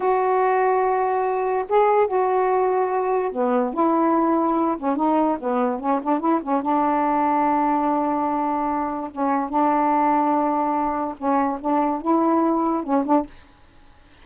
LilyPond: \new Staff \with { instrumentName = "saxophone" } { \time 4/4 \tempo 4 = 145 fis'1 | gis'4 fis'2. | b4 e'2~ e'8 cis'8 | dis'4 b4 cis'8 d'8 e'8 cis'8 |
d'1~ | d'2 cis'4 d'4~ | d'2. cis'4 | d'4 e'2 cis'8 d'8 | }